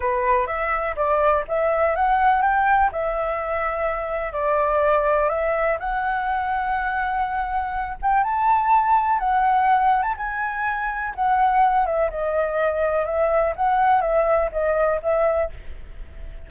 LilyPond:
\new Staff \with { instrumentName = "flute" } { \time 4/4 \tempo 4 = 124 b'4 e''4 d''4 e''4 | fis''4 g''4 e''2~ | e''4 d''2 e''4 | fis''1~ |
fis''8 g''8 a''2 fis''4~ | fis''8. a''16 gis''2 fis''4~ | fis''8 e''8 dis''2 e''4 | fis''4 e''4 dis''4 e''4 | }